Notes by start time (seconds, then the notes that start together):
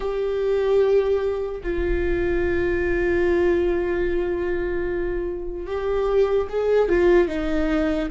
0.00 G4
1.63 F4
5.66 G4
6.49 G#4
6.88 F4
7.28 D#4